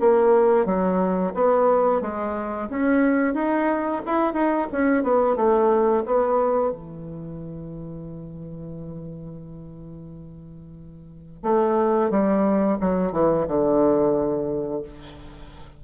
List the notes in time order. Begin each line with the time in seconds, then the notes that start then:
0.00 A#3
0.66 F#3
1.35 B3
2.01 G#3
2.70 C#4
3.34 D#4
4.06 E4
4.34 D#4
4.72 C#4
5.03 B3
5.36 A3
6.06 B3
6.72 E3
11.43 A3
12.11 G3
12.81 F#3
13.12 E3
13.48 D3